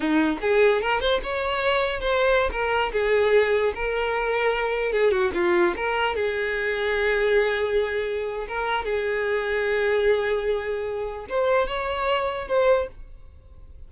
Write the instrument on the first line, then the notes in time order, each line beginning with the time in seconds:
violin
0.00 D#4
0.41 G#4
0.81 A#4
1.00 C5
1.23 C#5
2.00 C5
2.51 A#4
2.92 G#4
3.74 A#4
4.92 G#4
5.11 F#4
5.34 F4
5.76 A#4
6.15 G#4
8.47 A#4
8.84 G#4
11.29 C5
11.67 C#5
12.47 C5